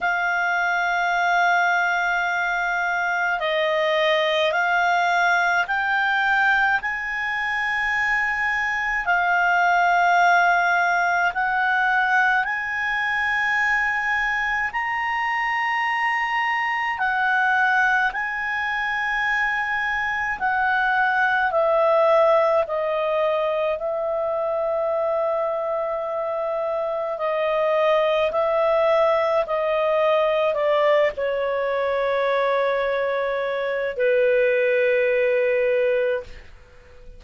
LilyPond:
\new Staff \with { instrumentName = "clarinet" } { \time 4/4 \tempo 4 = 53 f''2. dis''4 | f''4 g''4 gis''2 | f''2 fis''4 gis''4~ | gis''4 ais''2 fis''4 |
gis''2 fis''4 e''4 | dis''4 e''2. | dis''4 e''4 dis''4 d''8 cis''8~ | cis''2 b'2 | }